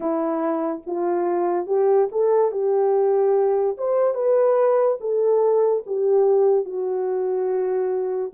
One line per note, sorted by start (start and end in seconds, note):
0.00 0.81 E4
0.86 1.66 F4
1.66 2.08 G4
2.11 2.52 A4
2.52 3.77 G4
3.77 4.14 C5
4.14 4.97 B4
5.00 5.83 A4
5.86 6.65 G4
6.65 8.31 F#4